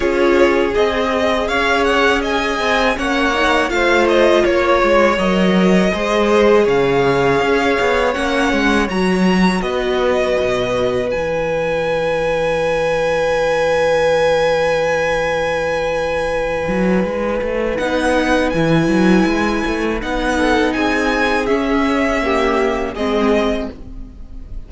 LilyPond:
<<
  \new Staff \with { instrumentName = "violin" } { \time 4/4 \tempo 4 = 81 cis''4 dis''4 f''8 fis''8 gis''4 | fis''4 f''8 dis''8 cis''4 dis''4~ | dis''4 f''2 fis''4 | ais''4 dis''2 gis''4~ |
gis''1~ | gis''1 | fis''4 gis''2 fis''4 | gis''4 e''2 dis''4 | }
  \new Staff \with { instrumentName = "violin" } { \time 4/4 gis'2 cis''4 dis''4 | cis''4 c''4 cis''2 | c''4 cis''2.~ | cis''4 b'2.~ |
b'1~ | b'1~ | b'2.~ b'8 a'8 | gis'2 g'4 gis'4 | }
  \new Staff \with { instrumentName = "viola" } { \time 4/4 f'4 gis'2. | cis'8 dis'8 f'2 ais'4 | gis'2. cis'4 | fis'2. e'4~ |
e'1~ | e'1 | dis'4 e'2 dis'4~ | dis'4 cis'4 ais4 c'4 | }
  \new Staff \with { instrumentName = "cello" } { \time 4/4 cis'4 c'4 cis'4. c'8 | ais4 a4 ais8 gis8 fis4 | gis4 cis4 cis'8 b8 ais8 gis8 | fis4 b4 b,4 e4~ |
e1~ | e2~ e8 fis8 gis8 a8 | b4 e8 fis8 gis8 a8 b4 | c'4 cis'2 gis4 | }
>>